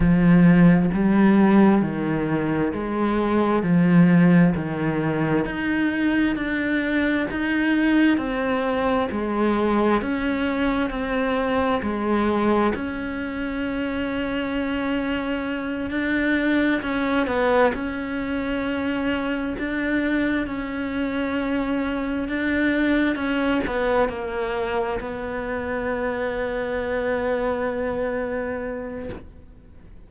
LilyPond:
\new Staff \with { instrumentName = "cello" } { \time 4/4 \tempo 4 = 66 f4 g4 dis4 gis4 | f4 dis4 dis'4 d'4 | dis'4 c'4 gis4 cis'4 | c'4 gis4 cis'2~ |
cis'4. d'4 cis'8 b8 cis'8~ | cis'4. d'4 cis'4.~ | cis'8 d'4 cis'8 b8 ais4 b8~ | b1 | }